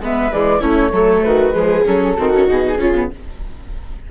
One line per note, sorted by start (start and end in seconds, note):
0.00 0.31 G#3
0.00 0.32 B3
0.00 0.59 B4
0.00 0.32 E5
0.32 0.61 E3
0.32 0.61 G#3
0.32 0.62 D5
0.59 0.92 A3
0.59 0.92 C#4
0.59 0.90 E4
0.59 1.23 C#5
0.92 1.23 F#3
0.92 1.52 A3
0.92 1.24 A4
1.23 1.54 D#3
1.23 1.56 F#4
1.23 1.85 B4
1.52 1.85 F3
1.52 1.83 G#3
1.52 2.17 G#4
1.86 2.18 F#3
1.86 2.17 C#4
1.86 2.48 A4
2.17 2.49 D#3
2.17 2.34 C4
2.17 2.78 F#4
2.34 2.47 C#4
2.47 2.77 B2
2.47 2.78 D#4
2.47 3.11 G#4
2.77 3.08 C#3
2.77 2.93 C#4
2.77 3.09 F4
2.94 3.10 B3